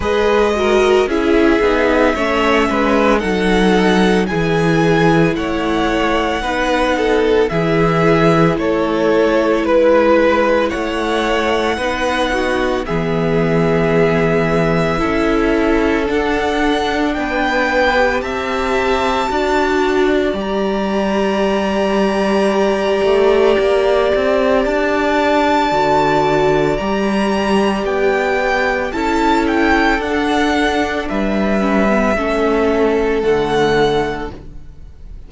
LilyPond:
<<
  \new Staff \with { instrumentName = "violin" } { \time 4/4 \tempo 4 = 56 dis''4 e''2 fis''4 | gis''4 fis''2 e''4 | cis''4 b'4 fis''2 | e''2. fis''4 |
g''4 a''2 ais''4~ | ais''2. a''4~ | a''4 ais''4 g''4 a''8 g''8 | fis''4 e''2 fis''4 | }
  \new Staff \with { instrumentName = "violin" } { \time 4/4 b'8 ais'8 gis'4 cis''8 b'8 a'4 | gis'4 cis''4 b'8 a'8 gis'4 | a'4 b'4 cis''4 b'8 fis'8 | gis'2 a'2 |
b'4 e''4 d''2~ | d''1~ | d''2. a'4~ | a'4 b'4 a'2 | }
  \new Staff \with { instrumentName = "viola" } { \time 4/4 gis'8 fis'8 e'8 dis'8 cis'4 dis'4 | e'2 dis'4 e'4~ | e'2. dis'4 | b2 e'4 d'4~ |
d'8. g'4~ g'16 fis'4 g'4~ | g'1 | fis'4 g'2 e'4 | d'4. cis'16 b16 cis'4 a4 | }
  \new Staff \with { instrumentName = "cello" } { \time 4/4 gis4 cis'8 b8 a8 gis8 fis4 | e4 a4 b4 e4 | a4 gis4 a4 b4 | e2 cis'4 d'4 |
b4 c'4 d'4 g4~ | g4. a8 ais8 c'8 d'4 | d4 g4 b4 cis'4 | d'4 g4 a4 d4 | }
>>